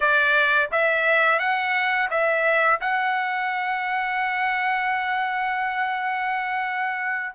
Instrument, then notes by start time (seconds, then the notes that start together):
trumpet
0.00 D5
0.71 E5
1.39 F#5
2.10 E5
2.81 F#5